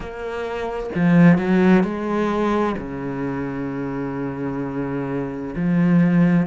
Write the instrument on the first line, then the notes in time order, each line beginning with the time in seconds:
cello
0.00 A#3
0.95 F3
1.38 F#3
1.83 G#3
2.77 C#3
5.55 F3